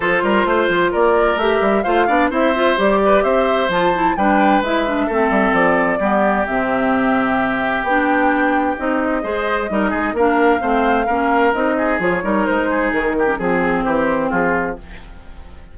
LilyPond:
<<
  \new Staff \with { instrumentName = "flute" } { \time 4/4 \tempo 4 = 130 c''2 d''4 e''4 | f''4 e''4 d''4 e''4 | a''4 g''4 e''2 | d''2 e''2~ |
e''4 g''2 dis''4~ | dis''2 f''2~ | f''4 dis''4 cis''4 c''4 | ais'4 gis'4 c''4 gis'4 | }
  \new Staff \with { instrumentName = "oboe" } { \time 4/4 a'8 ais'8 c''4 ais'2 | c''8 d''8 c''4. b'8 c''4~ | c''4 b'2 a'4~ | a'4 g'2.~ |
g'1 | c''4 ais'8 gis'8 ais'4 c''4 | ais'4. gis'4 ais'4 gis'8~ | gis'8 g'8 gis'4 g'4 f'4 | }
  \new Staff \with { instrumentName = "clarinet" } { \time 4/4 f'2. g'4 | f'8 d'8 e'8 f'8 g'2 | f'8 e'8 d'4 e'8 d'8 c'4~ | c'4 b4 c'2~ |
c'4 d'2 dis'4 | gis'4 dis'4 d'4 c'4 | cis'4 dis'4 f'8 dis'4.~ | dis'8. cis'16 c'2. | }
  \new Staff \with { instrumentName = "bassoon" } { \time 4/4 f8 g8 a8 f8 ais4 a8 g8 | a8 b8 c'4 g4 c'4 | f4 g4 gis4 a8 g8 | f4 g4 c2~ |
c4 b2 c'4 | gis4 g8 gis8 ais4 a4 | ais4 c'4 f8 g8 gis4 | dis4 f4 e4 f4 | }
>>